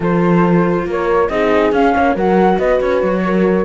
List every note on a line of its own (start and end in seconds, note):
0.00 0.85 F3
0.00 1.29 F4
0.00 0.86 A4
0.00 0.89 C5
0.85 1.29 A#3
0.85 1.30 A#4
0.85 1.29 C#5
1.29 1.71 C4
1.29 1.73 D#4
1.29 1.94 G#4
1.29 1.72 D#5
1.71 1.93 C#4
1.71 2.16 C#4
1.71 2.16 F5
1.94 2.15 A#3
1.94 2.15 C#5
2.15 2.58 F#3
2.15 3.64 F#4
2.15 2.56 A#4
2.15 2.58 F#5
2.56 2.80 B3
2.56 3.21 B4
2.56 2.80 D#5
2.80 3.02 C#4
2.80 3.64 C#5
3.02 3.64 F#3
3.25 3.64 A#4